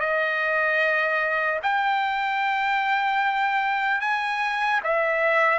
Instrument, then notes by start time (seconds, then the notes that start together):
trumpet
0.00 D#5
1.63 G5
4.01 G#5
4.84 E5